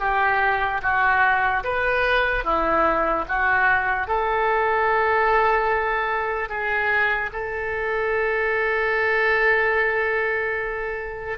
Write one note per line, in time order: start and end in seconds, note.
0.00 0.81 G4
0.83 1.64 F#4
1.64 2.44 B4
2.44 3.25 E4
3.28 4.07 F#4
4.07 6.49 A4
6.49 7.30 G#4
7.33 11.38 A4